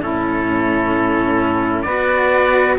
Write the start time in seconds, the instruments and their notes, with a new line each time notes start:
0.00 cello A2 C#4, saxophone E4, trumpet A4
1.83 cello B3, saxophone B4, trumpet D5
1.89 cello F#4